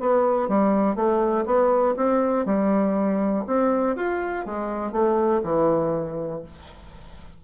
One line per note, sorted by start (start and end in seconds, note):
0.00 0.48 B3
0.48 0.96 G3
0.96 1.45 A3
1.45 1.95 B3
1.96 2.45 C4
2.45 3.45 G3
3.47 3.96 C4
3.96 4.45 F4
4.46 4.92 G#3
4.92 5.41 A3
5.43 6.42 E3